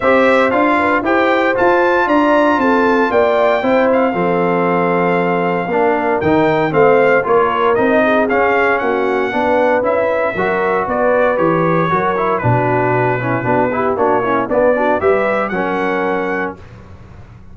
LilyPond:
<<
  \new Staff \with { instrumentName = "trumpet" } { \time 4/4 \tempo 4 = 116 e''4 f''4 g''4 a''4 | ais''4 a''4 g''4. f''8~ | f''1 | g''4 f''4 cis''4 dis''4 |
f''4 fis''2 e''4~ | e''4 d''4 cis''2 | b'2. cis''4 | d''4 e''4 fis''2 | }
  \new Staff \with { instrumentName = "horn" } { \time 4/4 c''4. b'8 c''2 | d''4 a'4 d''4 c''4 | a'2. ais'4~ | ais'4 c''4 ais'4. gis'8~ |
gis'4 fis'4 b'2 | ais'4 b'2 ais'4 | fis'4. e'8 fis'8 g'8 fis'8 e'8 | d'8 fis'8 b'4 ais'2 | }
  \new Staff \with { instrumentName = "trombone" } { \time 4/4 g'4 f'4 g'4 f'4~ | f'2. e'4 | c'2. d'4 | dis'4 c'4 f'4 dis'4 |
cis'2 d'4 e'4 | fis'2 g'4 fis'8 e'8 | d'4. cis'8 d'8 e'8 d'8 cis'8 | b8 d'8 g'4 cis'2 | }
  \new Staff \with { instrumentName = "tuba" } { \time 4/4 c'4 d'4 e'4 f'4 | d'4 c'4 ais4 c'4 | f2. ais4 | dis4 a4 ais4 c'4 |
cis'4 ais4 b4 cis'4 | fis4 b4 e4 fis4 | b,2 b4 ais4 | b4 g4 fis2 | }
>>